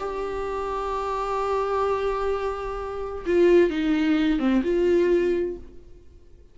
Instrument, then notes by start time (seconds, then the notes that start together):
viola
0.00 G4
3.26 F4
3.70 D#4
4.40 C4
4.64 F4